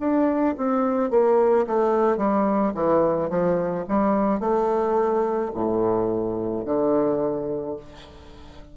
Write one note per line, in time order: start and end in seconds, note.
0.00 0.56 D4
0.58 1.11 C4
1.11 1.66 A#3
1.67 2.18 A3
2.18 2.73 G3
2.75 3.30 E3
3.30 3.85 F3
3.88 4.40 G3
4.40 5.52 A3
5.55 6.66 A2
6.66 7.77 D3